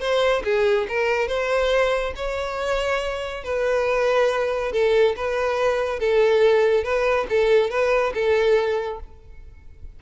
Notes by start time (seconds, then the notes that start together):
0.00 C5
0.44 G#4
0.89 A#4
1.28 C5
2.16 C#5
3.44 B4
4.72 A4
5.16 B4
6.00 A4
6.84 B4
7.30 A4
7.70 B4
8.14 A4